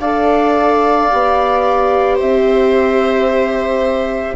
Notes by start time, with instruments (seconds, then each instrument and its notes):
0.00 bassoon D4, viola A4 D5, flute F5
1.10 bassoon B3, viola G4
2.15 bassoon C4, viola C5, flute E5